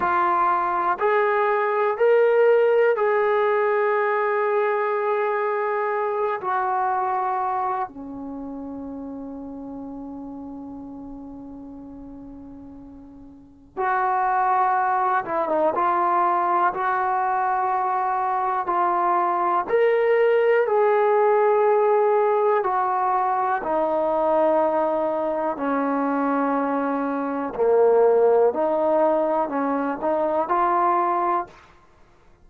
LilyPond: \new Staff \with { instrumentName = "trombone" } { \time 4/4 \tempo 4 = 61 f'4 gis'4 ais'4 gis'4~ | gis'2~ gis'8 fis'4. | cis'1~ | cis'2 fis'4. e'16 dis'16 |
f'4 fis'2 f'4 | ais'4 gis'2 fis'4 | dis'2 cis'2 | ais4 dis'4 cis'8 dis'8 f'4 | }